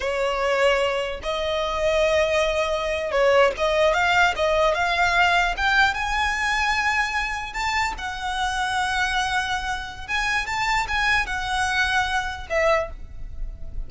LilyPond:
\new Staff \with { instrumentName = "violin" } { \time 4/4 \tempo 4 = 149 cis''2. dis''4~ | dis''2.~ dis''8. cis''16~ | cis''8. dis''4 f''4 dis''4 f''16~ | f''4.~ f''16 g''4 gis''4~ gis''16~ |
gis''2~ gis''8. a''4 fis''16~ | fis''1~ | fis''4 gis''4 a''4 gis''4 | fis''2. e''4 | }